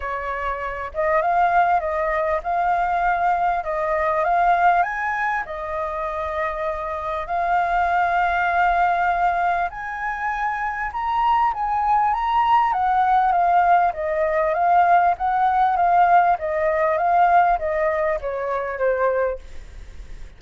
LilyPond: \new Staff \with { instrumentName = "flute" } { \time 4/4 \tempo 4 = 99 cis''4. dis''8 f''4 dis''4 | f''2 dis''4 f''4 | gis''4 dis''2. | f''1 |
gis''2 ais''4 gis''4 | ais''4 fis''4 f''4 dis''4 | f''4 fis''4 f''4 dis''4 | f''4 dis''4 cis''4 c''4 | }